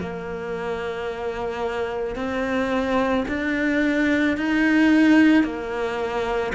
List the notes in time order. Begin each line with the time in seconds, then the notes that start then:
0.00 A#3
2.16 C4
3.28 D4
4.37 D#4
5.43 A#3